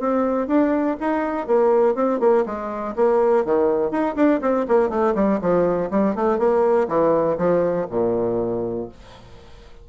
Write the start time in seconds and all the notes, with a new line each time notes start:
0.00 C4
0.48 D4
1.00 D#4
1.48 A#3
1.95 C4
2.20 A#3
2.46 G#3
2.96 A#3
3.45 D#3
3.91 D#4
4.16 D4
4.42 C4
4.68 A#3
4.90 A3
5.15 G3
5.41 F3
5.91 G3
6.16 A3
6.39 A#3
6.89 E3
7.38 F3
7.91 A#2